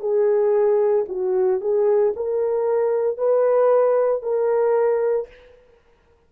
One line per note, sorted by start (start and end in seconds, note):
0.00 1.05 G#4
1.08 1.61 F#4
1.61 2.13 G#4
2.16 3.18 A#4
3.18 4.22 B4
4.22 5.28 A#4